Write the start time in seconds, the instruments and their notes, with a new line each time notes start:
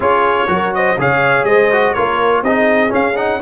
0.00 tuba C#4, trombone F4, horn G#4, trumpet C#5
0.47 tuba F#3, trombone F#4, horn A#4
0.74 horn C5, trumpet D#5
0.97 tuba C#3, trombone G#4, horn C#5, trumpet F5
1.44 tuba G#3, horn C5, trumpet D#5
1.72 trombone F#4
1.93 tuba A#3, trombone F4, horn A#4, trumpet C#5
2.42 tuba C4, trombone D#4, horn G#4, trumpet D#5
2.88 trombone C#4, tuba C#4, trumpet F5
3.16 trombone D#4, trumpet F#5